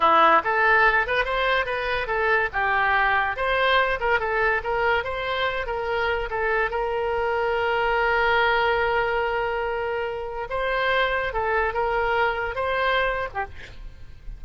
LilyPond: \new Staff \with { instrumentName = "oboe" } { \time 4/4 \tempo 4 = 143 e'4 a'4. b'8 c''4 | b'4 a'4 g'2 | c''4. ais'8 a'4 ais'4 | c''4. ais'4. a'4 |
ais'1~ | ais'1~ | ais'4 c''2 a'4 | ais'2 c''4.~ c''16 g'16 | }